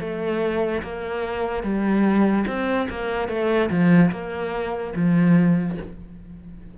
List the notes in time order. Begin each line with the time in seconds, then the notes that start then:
0.00 A3
0.83 A#3
1.64 G3
2.47 C4
2.90 A#3
3.29 A3
3.70 F3
4.12 A#3
4.96 F3